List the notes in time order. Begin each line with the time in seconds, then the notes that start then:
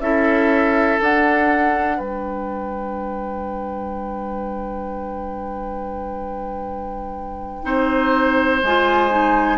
0.00 C#4 E4 A4 E5
1.00 D4 F#5
1.97 G3 B4 G5
7.63 C4 D#4 C5
8.63 G#3 F4 G#5
9.10 D#4